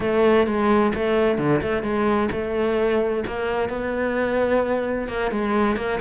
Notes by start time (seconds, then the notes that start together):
0.00 A3
0.46 G#3
0.94 A3
1.38 D3
1.62 A3
1.83 G#3
2.31 A3
3.26 A#3
3.69 B3
5.08 A#3
5.31 G#3
5.76 A#3